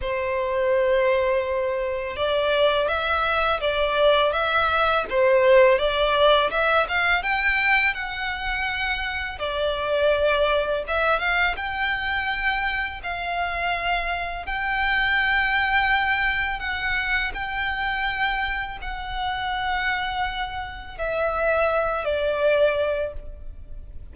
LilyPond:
\new Staff \with { instrumentName = "violin" } { \time 4/4 \tempo 4 = 83 c''2. d''4 | e''4 d''4 e''4 c''4 | d''4 e''8 f''8 g''4 fis''4~ | fis''4 d''2 e''8 f''8 |
g''2 f''2 | g''2. fis''4 | g''2 fis''2~ | fis''4 e''4. d''4. | }